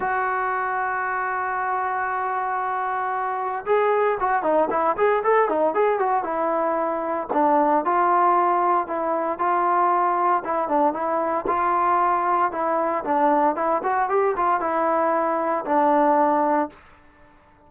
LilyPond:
\new Staff \with { instrumentName = "trombone" } { \time 4/4 \tempo 4 = 115 fis'1~ | fis'2. gis'4 | fis'8 dis'8 e'8 gis'8 a'8 dis'8 gis'8 fis'8 | e'2 d'4 f'4~ |
f'4 e'4 f'2 | e'8 d'8 e'4 f'2 | e'4 d'4 e'8 fis'8 g'8 f'8 | e'2 d'2 | }